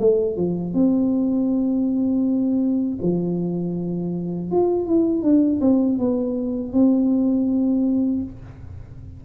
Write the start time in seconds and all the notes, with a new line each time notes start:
0.00 A3
0.37 F3
0.74 C4
3.02 F3
4.51 F4
4.86 E4
5.23 D4
5.61 C4
5.99 B3
6.73 C4